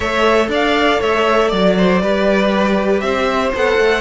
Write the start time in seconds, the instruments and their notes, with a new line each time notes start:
0.00 cello A3, viola A4, violin C#5 E5
0.48 cello D4, violin D5 F5
1.00 cello A3, violin C#5 E5
1.48 cello F#3, violin D5
1.77 violin C5
2.01 cello G3, viola G4, violin B4
3.00 cello C4, violin C5 E5
3.54 cello B3, viola A4, violin F#5
3.77 cello A3